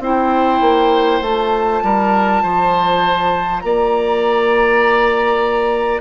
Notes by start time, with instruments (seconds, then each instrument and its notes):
0.00 bassoon C4, clarinet E4, oboe C5, flute G5
0.61 bassoon A#3
1.21 bassoon A3, clarinet F4, flute A5
1.83 bassoon G3, oboe A#4
2.43 bassoon F3, oboe C5
3.60 bassoon A#3, oboe D5, flute A#5